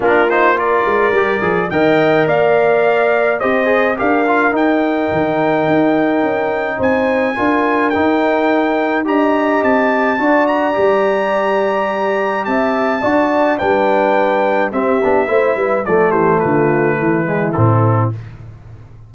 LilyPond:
<<
  \new Staff \with { instrumentName = "trumpet" } { \time 4/4 \tempo 4 = 106 ais'8 c''8 d''2 g''4 | f''2 dis''4 f''4 | g''1 | gis''2 g''2 |
ais''4 a''4. ais''4.~ | ais''2 a''2 | g''2 e''2 | d''8 c''8 b'2 a'4 | }
  \new Staff \with { instrumentName = "horn" } { \time 4/4 f'4 ais'2 dis''4 | d''2 c''4 ais'4~ | ais'1 | c''4 ais'2. |
dis''2 d''2~ | d''2 e''4 d''4 | b'2 g'4 c''8 b'8 | a'8 g'8 f'4 e'2 | }
  \new Staff \with { instrumentName = "trombone" } { \time 4/4 d'8 dis'8 f'4 g'8 gis'8 ais'4~ | ais'2 g'8 gis'8 g'8 f'8 | dis'1~ | dis'4 f'4 dis'2 |
g'2 fis'4 g'4~ | g'2. fis'4 | d'2 c'8 d'8 e'4 | a2~ a8 gis8 c'4 | }
  \new Staff \with { instrumentName = "tuba" } { \time 4/4 ais4. gis8 g8 f8 dis4 | ais2 c'4 d'4 | dis'4 dis4 dis'4 cis'4 | c'4 d'4 dis'2 |
d'4 c'4 d'4 g4~ | g2 c'4 d'4 | g2 c'8 b8 a8 g8 | f8 e8 d4 e4 a,4 | }
>>